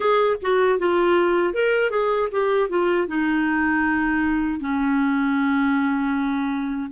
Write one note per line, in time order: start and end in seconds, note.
0.00 0.36 G#4
0.42 0.79 F#4
0.79 1.53 F4
1.53 1.90 A#4
1.90 2.29 G#4
2.31 2.69 G4
2.69 3.07 F4
3.07 4.60 D#4
4.60 6.90 C#4